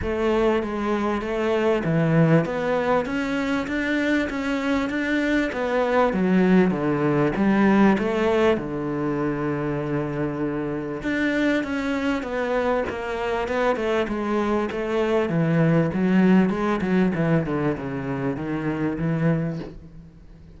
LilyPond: \new Staff \with { instrumentName = "cello" } { \time 4/4 \tempo 4 = 98 a4 gis4 a4 e4 | b4 cis'4 d'4 cis'4 | d'4 b4 fis4 d4 | g4 a4 d2~ |
d2 d'4 cis'4 | b4 ais4 b8 a8 gis4 | a4 e4 fis4 gis8 fis8 | e8 d8 cis4 dis4 e4 | }